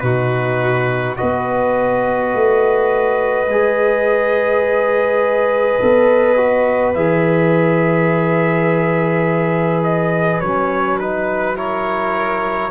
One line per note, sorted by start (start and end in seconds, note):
0.00 1.18 B2
0.00 1.17 D#4
0.00 1.18 F#4
0.00 1.15 B4
1.17 2.34 B3
1.17 3.48 F#4
1.17 11.56 B4
1.17 6.94 D#5
2.34 3.48 A3
3.48 5.79 G#3
3.48 5.81 G#4
5.81 6.95 B3
5.81 6.37 A4
6.37 6.95 F#4
6.95 10.42 E3
6.95 10.43 G#4
6.95 9.83 E5
9.84 10.41 D#5
10.41 12.71 F#3
10.41 11.00 C#4
10.41 10.98 C#5
10.99 11.55 D#4
10.99 11.57 B4
11.55 12.70 E4
11.55 12.71 A#4
11.55 12.71 C#5